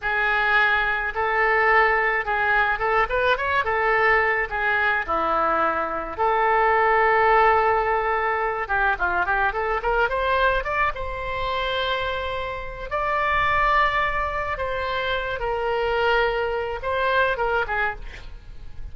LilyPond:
\new Staff \with { instrumentName = "oboe" } { \time 4/4 \tempo 4 = 107 gis'2 a'2 | gis'4 a'8 b'8 cis''8 a'4. | gis'4 e'2 a'4~ | a'2.~ a'8 g'8 |
f'8 g'8 a'8 ais'8 c''4 d''8 c''8~ | c''2. d''4~ | d''2 c''4. ais'8~ | ais'2 c''4 ais'8 gis'8 | }